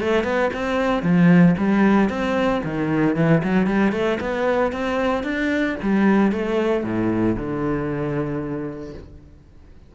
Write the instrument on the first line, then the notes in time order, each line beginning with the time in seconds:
cello
0.00 A3
0.24 B3
0.54 C4
1.03 F3
1.58 G3
2.10 C4
2.64 D#3
3.16 E3
3.44 F#3
3.67 G3
3.92 A3
4.20 B3
4.72 C4
5.23 D4
5.83 G3
6.32 A3
6.84 A2
7.36 D3